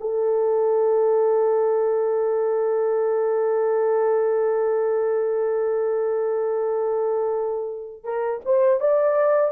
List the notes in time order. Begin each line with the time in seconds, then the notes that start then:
0.00 A4
8.03 A#4
8.45 C5
8.80 D5